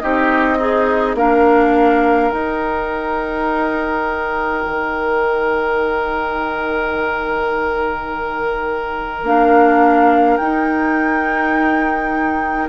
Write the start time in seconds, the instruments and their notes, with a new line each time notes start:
0.00 bassoon C4, clarinet D#4, oboe G4, flute D#5
0.58 oboe D#4, clarinet G#4
1.15 bassoon A#3, clarinet D4, oboe A#4, flute F5
2.31 clarinet D#4, bassoon D#4, flute G5
4.66 bassoon D#3
9.23 bassoon A#3, clarinet D4, flute F5
10.37 bassoon D#4, clarinet D#4, flute G5